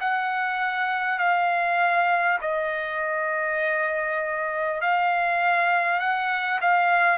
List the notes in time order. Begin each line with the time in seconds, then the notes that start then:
0.00 F#5
1.18 F5
2.41 D#5
4.81 F5
5.99 F#5
6.61 F5